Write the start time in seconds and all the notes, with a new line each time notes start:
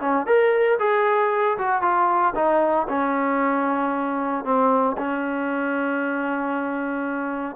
0.00 C#4
0.26 A#4
0.79 G#4
1.58 F#4
1.82 F4
2.35 D#4
2.88 C#4
4.44 C4
4.97 C#4